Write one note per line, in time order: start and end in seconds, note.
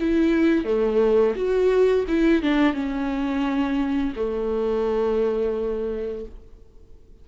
0.00 0.65 E4
0.65 1.35 A3
1.35 2.05 F#4
2.08 2.43 E4
2.43 2.74 D4
2.74 4.13 C#4
4.16 6.25 A3